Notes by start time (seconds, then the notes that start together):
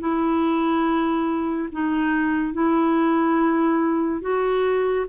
0.00 E4
1.72 D#4
2.54 E4
4.22 F#4